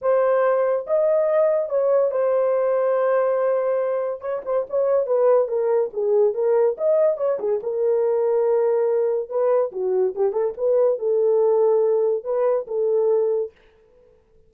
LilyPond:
\new Staff \with { instrumentName = "horn" } { \time 4/4 \tempo 4 = 142 c''2 dis''2 | cis''4 c''2.~ | c''2 cis''8 c''8 cis''4 | b'4 ais'4 gis'4 ais'4 |
dis''4 cis''8 gis'8 ais'2~ | ais'2 b'4 fis'4 | g'8 a'8 b'4 a'2~ | a'4 b'4 a'2 | }